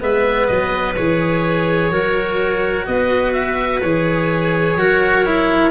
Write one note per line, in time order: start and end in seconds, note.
0.00 0.50 G#3
0.00 0.95 B3
0.00 1.91 B4
0.00 0.47 E5
0.47 0.97 F#3
0.47 0.95 D#5
0.96 1.91 E3
0.96 1.92 G#4
0.96 2.86 C#5
1.91 2.87 F#3
1.91 3.82 F#4
1.91 2.87 A#4
2.86 3.83 B3
2.86 4.77 B4
2.86 3.33 D#5
3.33 3.80 E5
3.81 4.76 E3
3.81 4.79 G#4
3.81 5.71 C#5
4.76 5.71 F#3
4.76 5.26 F#4
4.76 5.71 A#4
5.26 5.71 E4